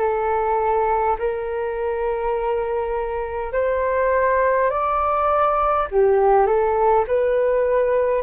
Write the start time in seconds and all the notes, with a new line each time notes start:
0.00 A4
1.19 A#4
3.53 C5
4.71 D5
5.91 G4
6.47 A4
7.08 B4